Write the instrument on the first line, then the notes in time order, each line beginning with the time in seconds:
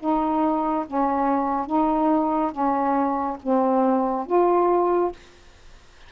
saxophone
0.00 D#4
0.87 C#4
1.67 D#4
2.52 C#4
3.42 C4
4.27 F4